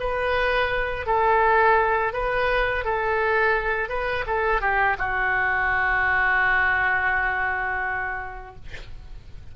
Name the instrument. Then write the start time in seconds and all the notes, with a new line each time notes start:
oboe
0.00 B4
1.06 A4
2.13 B4
2.85 A4
3.89 B4
4.27 A4
4.61 G4
4.98 F#4